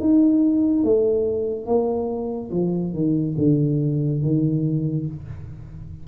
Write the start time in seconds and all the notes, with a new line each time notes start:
0.00 D#4
0.84 A3
1.66 A#3
2.51 F3
2.93 D#3
3.38 D3
4.22 D#3